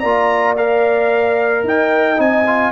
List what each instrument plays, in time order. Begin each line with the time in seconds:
0.00 tuba A#3, trombone F4, horn D5, trumpet A#5
0.57 trombone A#4, trumpet F5
1.64 tuba D#4, horn D#5, trumpet G5
2.17 tuba C4, trombone D#4, trumpet G#5
2.47 trombone F4